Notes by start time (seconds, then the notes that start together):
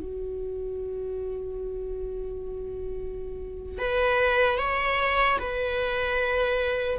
0.00 F#4
3.79 B4
4.59 C#5
5.39 B4